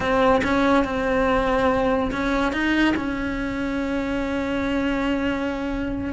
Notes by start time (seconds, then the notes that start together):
0.00 C4
0.43 C#4
0.84 C4
2.11 C#4
2.52 D#4
2.96 C#4